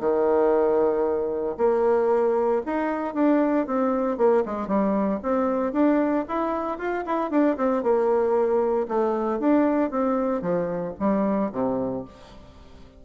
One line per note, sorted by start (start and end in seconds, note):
0.00 1.57 D#3
1.58 2.62 A#3
2.66 3.15 D#4
3.15 3.67 D4
3.67 4.18 C4
4.18 4.44 A#3
4.46 4.68 G#3
4.68 5.20 G3
5.23 5.73 C4
5.73 6.25 D4
6.28 6.79 E4
6.79 7.05 F4
7.06 7.31 E4
7.31 7.57 D4
7.57 7.83 C4
7.83 8.88 A#3
8.88 9.40 A3
9.40 9.91 D4
9.91 10.42 C4
10.42 10.94 F3
11.00 11.52 G3
11.53 12.05 C3